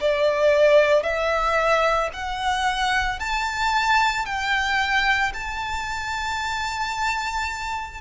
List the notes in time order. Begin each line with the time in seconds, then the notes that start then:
0.00 D5
1.02 E5
2.13 F#5
3.19 A5
4.25 G5
5.33 A5